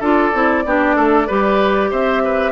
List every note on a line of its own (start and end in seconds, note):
0.00 0.32 D4
0.00 0.34 F4
0.00 0.63 A4
0.00 1.92 D5
0.34 0.65 C4
0.34 0.65 E4
0.65 0.96 B3
0.65 1.29 D4
0.65 0.96 G4
0.96 1.27 A3
0.96 1.27 A4
1.27 1.91 G3
1.27 2.52 G4
1.27 1.90 B4
1.91 2.52 C4
1.91 2.22 C5
1.91 2.52 E5
2.25 2.52 B4